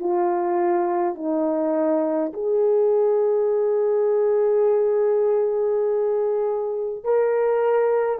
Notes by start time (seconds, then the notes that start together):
0.00 F4
1.15 D#4
2.34 G#4
7.04 A#4